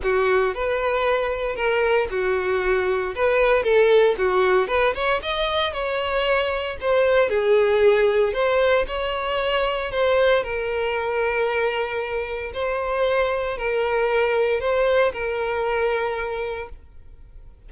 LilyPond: \new Staff \with { instrumentName = "violin" } { \time 4/4 \tempo 4 = 115 fis'4 b'2 ais'4 | fis'2 b'4 a'4 | fis'4 b'8 cis''8 dis''4 cis''4~ | cis''4 c''4 gis'2 |
c''4 cis''2 c''4 | ais'1 | c''2 ais'2 | c''4 ais'2. | }